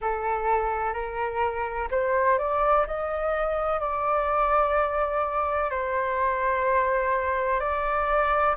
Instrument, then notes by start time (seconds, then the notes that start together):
flute
0.01 A4
0.93 A#4
1.90 C5
2.38 D5
2.87 D#5
3.80 D5
5.70 C5
7.59 D5